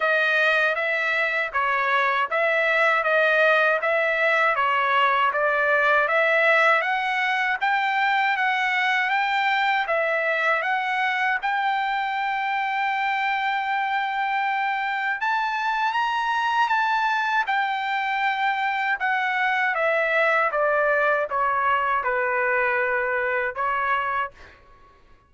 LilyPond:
\new Staff \with { instrumentName = "trumpet" } { \time 4/4 \tempo 4 = 79 dis''4 e''4 cis''4 e''4 | dis''4 e''4 cis''4 d''4 | e''4 fis''4 g''4 fis''4 | g''4 e''4 fis''4 g''4~ |
g''1 | a''4 ais''4 a''4 g''4~ | g''4 fis''4 e''4 d''4 | cis''4 b'2 cis''4 | }